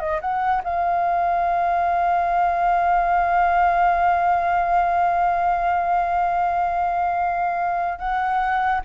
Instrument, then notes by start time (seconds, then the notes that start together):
flute
0.00 D#5
0.21 F#5
0.64 F5
7.99 F#5